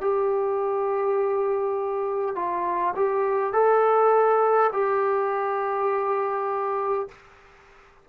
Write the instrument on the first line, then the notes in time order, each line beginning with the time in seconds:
trombone
0.00 G4
2.35 F4
2.96 G4
3.53 A4
4.73 G4